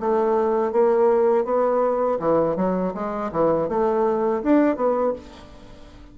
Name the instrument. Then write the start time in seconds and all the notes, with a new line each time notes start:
bassoon
0.00 A3
0.72 A#3
1.44 B3
2.20 E3
2.56 F#3
2.94 G#3
3.32 E3
3.69 A3
4.43 D4
4.76 B3